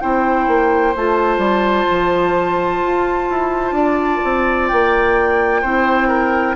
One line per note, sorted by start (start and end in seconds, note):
0.00 0.47 C4
0.00 0.94 E4
0.00 3.75 C5
0.00 0.94 G5
0.47 0.94 A#3
0.95 1.38 A3
0.95 5.64 F4
0.95 4.68 A5
1.38 1.85 G3
1.90 2.83 F3
2.83 3.29 F4
3.29 3.71 E4
3.71 4.18 D4
3.71 5.61 D5
4.24 4.71 C4
4.68 5.63 A#3
4.68 6.55 G5
5.61 6.56 C4
5.61 6.56 E4
5.61 6.08 C5
6.08 6.55 A#4